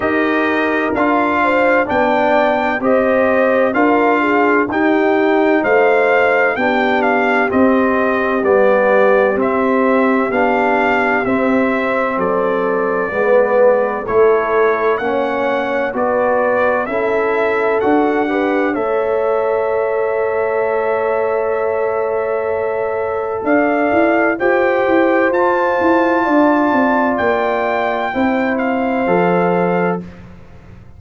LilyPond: <<
  \new Staff \with { instrumentName = "trumpet" } { \time 4/4 \tempo 4 = 64 dis''4 f''4 g''4 dis''4 | f''4 g''4 f''4 g''8 f''8 | dis''4 d''4 e''4 f''4 | e''4 d''2 cis''4 |
fis''4 d''4 e''4 fis''4 | e''1~ | e''4 f''4 g''4 a''4~ | a''4 g''4. f''4. | }
  \new Staff \with { instrumentName = "horn" } { \time 4/4 ais'4. c''8 d''4 c''4 | ais'8 gis'8 g'4 c''4 g'4~ | g'1~ | g'4 a'4 b'4 a'4 |
cis''4 b'4 a'4. b'8 | cis''1~ | cis''4 d''4 c''2 | d''2 c''2 | }
  \new Staff \with { instrumentName = "trombone" } { \time 4/4 g'4 f'4 d'4 g'4 | f'4 dis'2 d'4 | c'4 b4 c'4 d'4 | c'2 b4 e'4 |
cis'4 fis'4 e'4 fis'8 g'8 | a'1~ | a'2 g'4 f'4~ | f'2 e'4 a'4 | }
  \new Staff \with { instrumentName = "tuba" } { \time 4/4 dis'4 d'4 b4 c'4 | d'4 dis'4 a4 b4 | c'4 g4 c'4 b4 | c'4 fis4 gis4 a4 |
ais4 b4 cis'4 d'4 | a1~ | a4 d'8 e'8 f'8 e'8 f'8 e'8 | d'8 c'8 ais4 c'4 f4 | }
>>